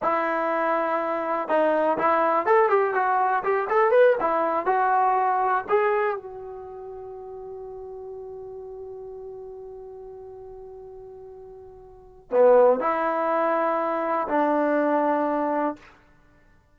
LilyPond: \new Staff \with { instrumentName = "trombone" } { \time 4/4 \tempo 4 = 122 e'2. dis'4 | e'4 a'8 g'8 fis'4 g'8 a'8 | b'8 e'4 fis'2 gis'8~ | gis'8 fis'2.~ fis'8~ |
fis'1~ | fis'1~ | fis'4 b4 e'2~ | e'4 d'2. | }